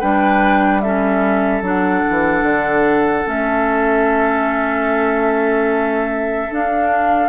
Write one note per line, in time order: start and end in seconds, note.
0.00 1.61 G3
0.00 0.83 D4
0.00 0.81 B4
0.00 0.81 G5
0.81 1.63 C#4
0.81 7.29 A4
0.81 1.62 E5
1.61 2.02 F#3
1.61 3.25 D4
1.61 3.28 F#5
2.09 2.43 E3
2.43 3.24 D3
3.25 6.51 A3
3.25 6.49 C#4
3.25 6.53 E5
6.51 7.29 D4
6.51 7.29 F5